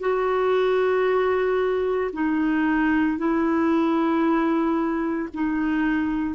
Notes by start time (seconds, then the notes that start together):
0.00 F#4
2.13 D#4
3.18 E4
5.33 D#4